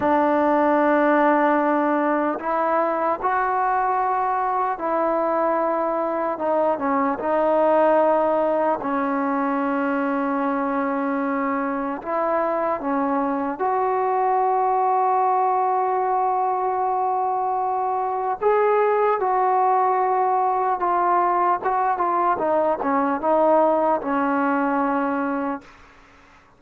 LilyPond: \new Staff \with { instrumentName = "trombone" } { \time 4/4 \tempo 4 = 75 d'2. e'4 | fis'2 e'2 | dis'8 cis'8 dis'2 cis'4~ | cis'2. e'4 |
cis'4 fis'2.~ | fis'2. gis'4 | fis'2 f'4 fis'8 f'8 | dis'8 cis'8 dis'4 cis'2 | }